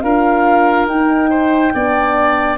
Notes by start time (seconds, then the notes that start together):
0.00 D4 F4 A#4 F5
0.86 D#4 G5
0.93 D#4
1.30 C5
1.74 B3 D4 D5